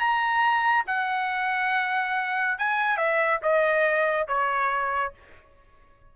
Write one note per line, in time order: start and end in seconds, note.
0.00 0.86 A#5
0.87 2.59 F#5
2.59 2.98 G#5
2.98 3.41 E5
3.43 4.28 D#5
4.28 5.14 C#5